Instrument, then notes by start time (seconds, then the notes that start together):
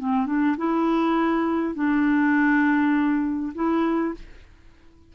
clarinet
0.00 C4
0.27 D4
0.58 E4
1.75 D4
3.55 E4